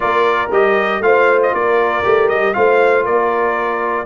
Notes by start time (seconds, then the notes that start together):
0.00 A#3 F4 A#4 D5
0.50 G3 G4 D#5
1.00 A3 F4 C5 F5
1.42 D#5
1.53 A#3 A#4 D5
2.03 A3 G4
2.28 G3 D#5
2.53 A3 F4 C5 F5
3.04 A#3 A#4 D5